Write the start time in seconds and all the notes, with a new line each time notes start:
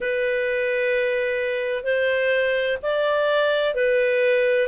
0.00 B4
1.83 C5
2.82 D5
3.74 B4